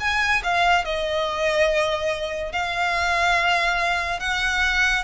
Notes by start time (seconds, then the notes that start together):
0.00 G#5
0.44 F5
0.85 D#5
2.52 F5
4.20 F#5